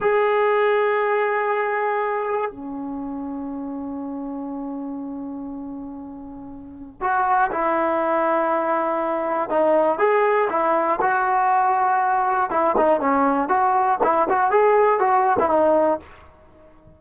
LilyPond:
\new Staff \with { instrumentName = "trombone" } { \time 4/4 \tempo 4 = 120 gis'1~ | gis'4 cis'2.~ | cis'1~ | cis'2 fis'4 e'4~ |
e'2. dis'4 | gis'4 e'4 fis'2~ | fis'4 e'8 dis'8 cis'4 fis'4 | e'8 fis'8 gis'4 fis'8. e'16 dis'4 | }